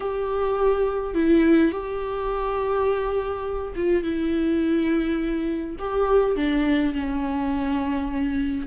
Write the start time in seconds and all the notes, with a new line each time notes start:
0.00 G4
1.14 E4
1.72 G4
3.75 F4
4.03 E4
5.78 G4
6.35 D4
6.93 C#4